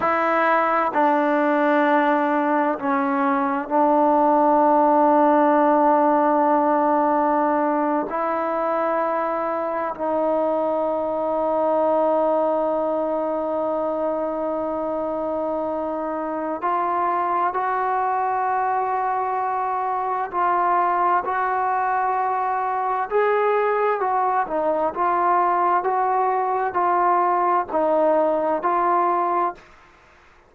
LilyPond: \new Staff \with { instrumentName = "trombone" } { \time 4/4 \tempo 4 = 65 e'4 d'2 cis'4 | d'1~ | d'8. e'2 dis'4~ dis'16~ | dis'1~ |
dis'2 f'4 fis'4~ | fis'2 f'4 fis'4~ | fis'4 gis'4 fis'8 dis'8 f'4 | fis'4 f'4 dis'4 f'4 | }